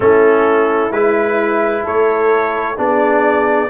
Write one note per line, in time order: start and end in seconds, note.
0.00 0.90 A3
0.00 0.92 C#4
0.00 1.83 E4
0.00 0.92 A4
0.90 1.83 G#3
0.90 2.76 E4
0.90 1.84 B4
1.83 2.77 A3
1.83 2.75 A4
1.83 2.78 C#5
2.76 3.69 B3
2.76 3.69 D4
2.76 3.69 G#4
2.76 3.69 D5